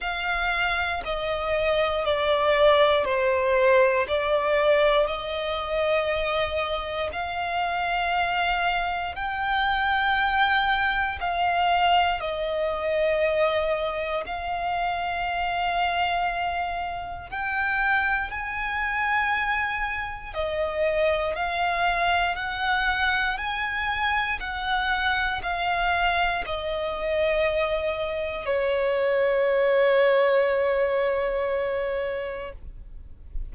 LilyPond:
\new Staff \with { instrumentName = "violin" } { \time 4/4 \tempo 4 = 59 f''4 dis''4 d''4 c''4 | d''4 dis''2 f''4~ | f''4 g''2 f''4 | dis''2 f''2~ |
f''4 g''4 gis''2 | dis''4 f''4 fis''4 gis''4 | fis''4 f''4 dis''2 | cis''1 | }